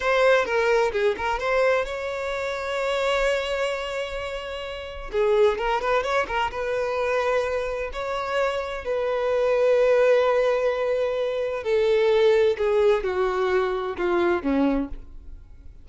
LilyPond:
\new Staff \with { instrumentName = "violin" } { \time 4/4 \tempo 4 = 129 c''4 ais'4 gis'8 ais'8 c''4 | cis''1~ | cis''2. gis'4 | ais'8 b'8 cis''8 ais'8 b'2~ |
b'4 cis''2 b'4~ | b'1~ | b'4 a'2 gis'4 | fis'2 f'4 cis'4 | }